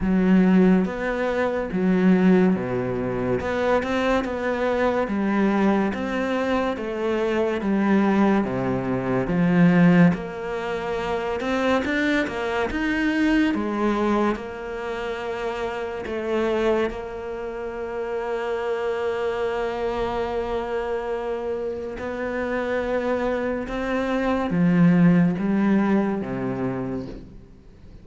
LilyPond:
\new Staff \with { instrumentName = "cello" } { \time 4/4 \tempo 4 = 71 fis4 b4 fis4 b,4 | b8 c'8 b4 g4 c'4 | a4 g4 c4 f4 | ais4. c'8 d'8 ais8 dis'4 |
gis4 ais2 a4 | ais1~ | ais2 b2 | c'4 f4 g4 c4 | }